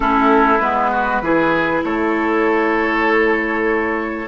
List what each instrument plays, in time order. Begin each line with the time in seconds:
0.00 bassoon A3, clarinet C#4, oboe E4, flute A4
0.59 bassoon G#3, clarinet B3, flute B4
0.91 oboe F#4
1.21 bassoon E3, clarinet E4, oboe G#4
1.84 bassoon A3, oboe A4, flute C#5